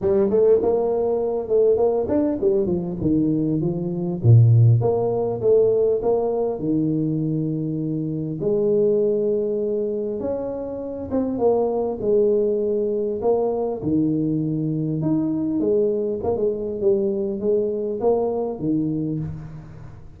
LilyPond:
\new Staff \with { instrumentName = "tuba" } { \time 4/4 \tempo 4 = 100 g8 a8 ais4. a8 ais8 d'8 | g8 f8 dis4 f4 ais,4 | ais4 a4 ais4 dis4~ | dis2 gis2~ |
gis4 cis'4. c'8 ais4 | gis2 ais4 dis4~ | dis4 dis'4 gis4 ais16 gis8. | g4 gis4 ais4 dis4 | }